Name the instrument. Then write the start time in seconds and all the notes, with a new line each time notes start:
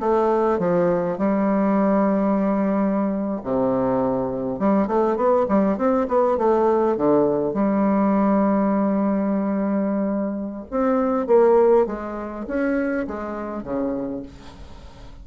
bassoon
0.00 A3
0.59 F3
1.18 G3
3.44 C3
4.59 G3
4.87 A3
5.17 B3
5.49 G3
5.78 C4
6.08 B3
6.38 A3
6.97 D3
7.54 G3
10.71 C4
11.27 A#3
11.86 G#3
12.48 C#4
13.07 G#3
13.63 C#3